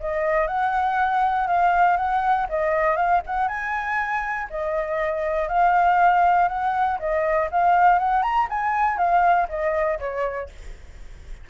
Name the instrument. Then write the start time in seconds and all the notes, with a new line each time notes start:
flute
0.00 D#5
0.47 F#5
1.47 F5
1.97 F#5
2.49 D#5
2.96 F5
3.27 F#5
3.48 G#5
4.50 D#5
5.48 F5
6.48 F#5
6.99 D#5
7.51 F5
7.99 F#5
8.22 A#5
8.50 G#5
8.98 F5
9.49 D#5
9.99 C#5